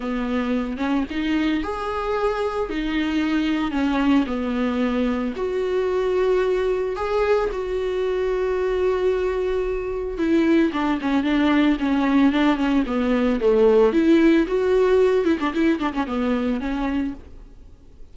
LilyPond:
\new Staff \with { instrumentName = "viola" } { \time 4/4 \tempo 4 = 112 b4. cis'8 dis'4 gis'4~ | gis'4 dis'2 cis'4 | b2 fis'2~ | fis'4 gis'4 fis'2~ |
fis'2. e'4 | d'8 cis'8 d'4 cis'4 d'8 cis'8 | b4 a4 e'4 fis'4~ | fis'8 e'16 d'16 e'8 d'16 cis'16 b4 cis'4 | }